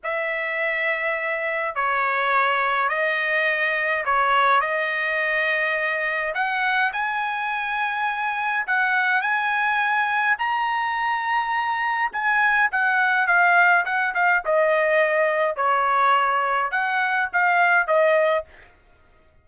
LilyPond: \new Staff \with { instrumentName = "trumpet" } { \time 4/4 \tempo 4 = 104 e''2. cis''4~ | cis''4 dis''2 cis''4 | dis''2. fis''4 | gis''2. fis''4 |
gis''2 ais''2~ | ais''4 gis''4 fis''4 f''4 | fis''8 f''8 dis''2 cis''4~ | cis''4 fis''4 f''4 dis''4 | }